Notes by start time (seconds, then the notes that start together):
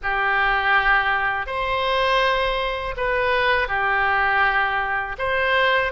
0.02 G4
1.46 C5
2.96 B4
3.68 G4
5.18 C5